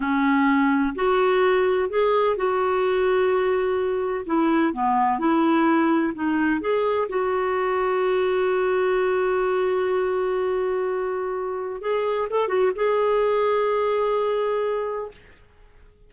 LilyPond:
\new Staff \with { instrumentName = "clarinet" } { \time 4/4 \tempo 4 = 127 cis'2 fis'2 | gis'4 fis'2.~ | fis'4 e'4 b4 e'4~ | e'4 dis'4 gis'4 fis'4~ |
fis'1~ | fis'1~ | fis'4 gis'4 a'8 fis'8 gis'4~ | gis'1 | }